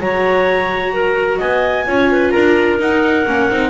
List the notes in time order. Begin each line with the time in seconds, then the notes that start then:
0.00 F#3 F#4 C#5 A#5
0.94 A#4
1.38 B3 D#5 G#5
1.87 C#4 F4 C#5
2.11 B4
2.31 D4 A#4 A#5
2.79 D#4 F#5
3.27 A#3 C#4
3.51 C4 D#4